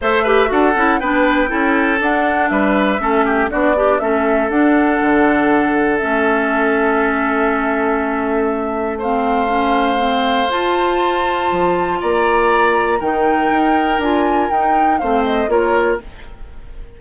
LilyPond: <<
  \new Staff \with { instrumentName = "flute" } { \time 4/4 \tempo 4 = 120 e''4 fis''4 g''2 | fis''4 e''2 d''4 | e''4 fis''2. | e''1~ |
e''2 f''2~ | f''4 a''2. | ais''2 g''2 | gis''4 g''4 f''8 dis''8 cis''4 | }
  \new Staff \with { instrumentName = "oboe" } { \time 4/4 c''8 b'8 a'4 b'4 a'4~ | a'4 b'4 a'8 g'8 fis'8 d'8 | a'1~ | a'1~ |
a'2 c''2~ | c''1 | d''2 ais'2~ | ais'2 c''4 ais'4 | }
  \new Staff \with { instrumentName = "clarinet" } { \time 4/4 a'8 g'8 fis'8 e'8 d'4 e'4 | d'2 cis'4 d'8 g'8 | cis'4 d'2. | cis'1~ |
cis'2 c'4 cis'4 | c'4 f'2.~ | f'2 dis'2 | f'4 dis'4 c'4 f'4 | }
  \new Staff \with { instrumentName = "bassoon" } { \time 4/4 a4 d'8 cis'8 b4 cis'4 | d'4 g4 a4 b4 | a4 d'4 d2 | a1~ |
a1~ | a4 f'2 f4 | ais2 dis4 dis'4 | d'4 dis'4 a4 ais4 | }
>>